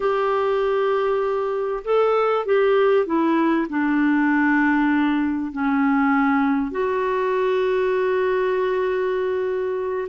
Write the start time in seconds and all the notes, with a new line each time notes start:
0.00 G4
1.84 A4
2.45 G4
3.06 E4
3.69 D4
5.51 C#4
6.71 F#4